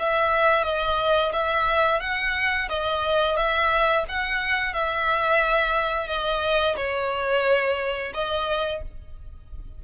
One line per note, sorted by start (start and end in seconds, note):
0.00 0.64 E5
0.64 1.32 D#5
1.33 2.01 E5
2.01 2.69 F#5
2.70 3.37 D#5
3.37 4.05 E5
4.09 4.74 F#5
4.74 6.08 E5
6.08 6.76 D#5
6.77 8.13 C#5
8.14 8.82 D#5